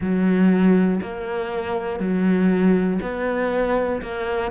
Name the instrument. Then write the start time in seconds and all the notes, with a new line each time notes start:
cello
0.00 F#3
1.02 A#3
2.00 F#3
3.01 B3
4.01 A#3